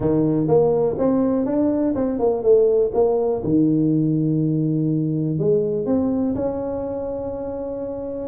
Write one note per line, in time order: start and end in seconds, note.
0.00 0.47 D#3
0.47 0.96 A#3
0.98 1.45 C4
1.45 1.94 D4
1.95 2.19 C4
2.19 2.43 A#3
2.43 2.91 A3
2.94 3.42 A#3
3.43 5.38 D#3
5.39 5.85 G#3
5.85 6.34 C4
6.35 8.28 C#4